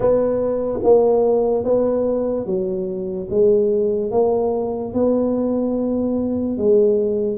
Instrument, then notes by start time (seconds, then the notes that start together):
tuba
0.00 B3
0.83 A#3
1.64 B3
2.45 F#3
3.30 G#3
4.11 A#3
4.93 B3
6.58 G#3